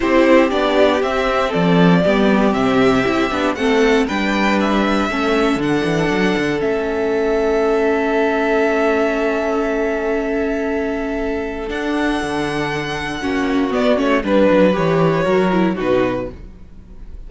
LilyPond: <<
  \new Staff \with { instrumentName = "violin" } { \time 4/4 \tempo 4 = 118 c''4 d''4 e''4 d''4~ | d''4 e''2 fis''4 | g''4 e''2 fis''4~ | fis''4 e''2.~ |
e''1~ | e''2. fis''4~ | fis''2. d''8 cis''8 | b'4 cis''2 b'4 | }
  \new Staff \with { instrumentName = "violin" } { \time 4/4 g'2. a'4 | g'2. a'4 | b'2 a'2~ | a'1~ |
a'1~ | a'1~ | a'2 fis'2 | b'2 ais'4 fis'4 | }
  \new Staff \with { instrumentName = "viola" } { \time 4/4 e'4 d'4 c'2 | b4 c'4 e'8 d'8 c'4 | d'2 cis'4 d'4~ | d'4 cis'2.~ |
cis'1~ | cis'2. d'4~ | d'2 cis'4 b8 cis'8 | d'4 g'4 fis'8 e'8 dis'4 | }
  \new Staff \with { instrumentName = "cello" } { \time 4/4 c'4 b4 c'4 f4 | g4 c4 c'8 b8 a4 | g2 a4 d8 e8 | fis8 d8 a2.~ |
a1~ | a2. d'4 | d2 ais4 b8 a8 | g8 fis8 e4 fis4 b,4 | }
>>